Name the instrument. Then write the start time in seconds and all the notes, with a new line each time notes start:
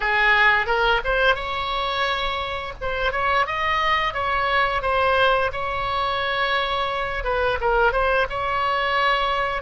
oboe
0.00 G#4
0.66 A#4
1.04 C5
1.35 C#5
2.81 C5
3.12 C#5
3.46 D#5
4.13 C#5
4.82 C5
5.52 C#5
7.24 B4
7.60 A#4
7.92 C5
8.29 C#5